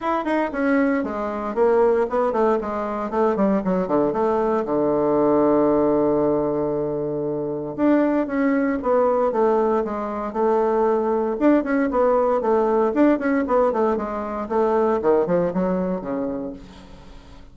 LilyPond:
\new Staff \with { instrumentName = "bassoon" } { \time 4/4 \tempo 4 = 116 e'8 dis'8 cis'4 gis4 ais4 | b8 a8 gis4 a8 g8 fis8 d8 | a4 d2.~ | d2. d'4 |
cis'4 b4 a4 gis4 | a2 d'8 cis'8 b4 | a4 d'8 cis'8 b8 a8 gis4 | a4 dis8 f8 fis4 cis4 | }